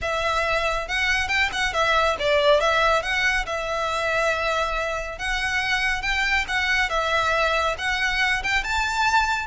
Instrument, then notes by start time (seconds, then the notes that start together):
violin
0.01 E5
0.88 F#5
1.27 G5
1.52 F#5
1.73 E5
2.19 D5
2.60 E5
3.02 F#5
3.46 E5
5.18 F#5
6.02 G5
6.47 F#5
6.89 E5
7.78 F#5
8.43 G5
8.63 A5